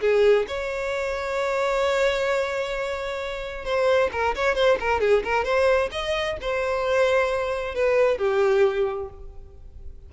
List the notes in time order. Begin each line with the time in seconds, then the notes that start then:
0.00 G#4
0.47 C#5
3.64 C5
4.12 A#4
4.35 C#5
4.55 C5
4.80 A#4
5.00 G#4
5.24 A#4
5.44 C5
5.91 D#5
6.41 C5
7.75 B4
8.18 G4